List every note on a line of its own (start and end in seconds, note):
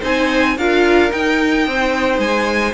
0.00 0.58 C4
0.00 0.57 D#4
0.00 0.55 C5
0.00 0.58 G#5
0.58 1.12 D4
0.58 1.11 F4
0.58 1.68 A#4
0.58 1.12 F5
1.11 2.74 D#4
1.11 1.67 D#4
1.11 2.20 G5
1.67 2.19 C4
1.67 2.74 C5
2.19 2.73 G#3
2.19 2.74 G#5